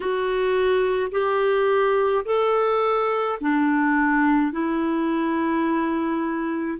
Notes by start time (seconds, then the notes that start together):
0.00 F#4
1.11 G4
2.25 A4
3.40 D4
4.52 E4